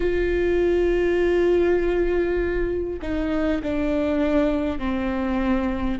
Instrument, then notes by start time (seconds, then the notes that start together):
viola
0.00 F4
3.02 D#4
3.63 D4
4.78 C4